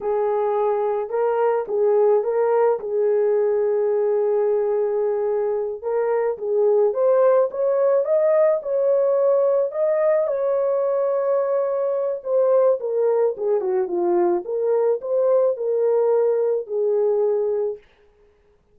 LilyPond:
\new Staff \with { instrumentName = "horn" } { \time 4/4 \tempo 4 = 108 gis'2 ais'4 gis'4 | ais'4 gis'2.~ | gis'2~ gis'8 ais'4 gis'8~ | gis'8 c''4 cis''4 dis''4 cis''8~ |
cis''4. dis''4 cis''4.~ | cis''2 c''4 ais'4 | gis'8 fis'8 f'4 ais'4 c''4 | ais'2 gis'2 | }